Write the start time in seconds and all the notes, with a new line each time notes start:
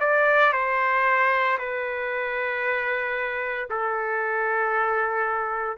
0.00 D5
0.53 C5
1.58 B4
3.70 A4